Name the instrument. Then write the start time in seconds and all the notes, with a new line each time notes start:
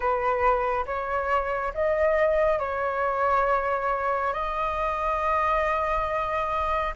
flute
0.00 B4
0.86 C#5
1.74 D#5
2.59 C#5
4.33 D#5